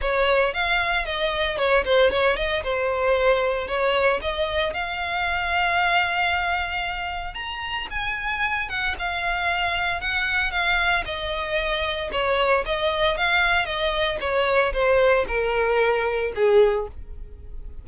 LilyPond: \new Staff \with { instrumentName = "violin" } { \time 4/4 \tempo 4 = 114 cis''4 f''4 dis''4 cis''8 c''8 | cis''8 dis''8 c''2 cis''4 | dis''4 f''2.~ | f''2 ais''4 gis''4~ |
gis''8 fis''8 f''2 fis''4 | f''4 dis''2 cis''4 | dis''4 f''4 dis''4 cis''4 | c''4 ais'2 gis'4 | }